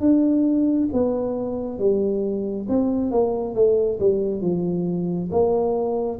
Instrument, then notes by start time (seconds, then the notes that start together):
tuba
0.00 D4
0.93 B3
1.78 G3
2.69 C4
3.11 A#3
3.55 A3
3.99 G3
4.41 F3
5.31 A#3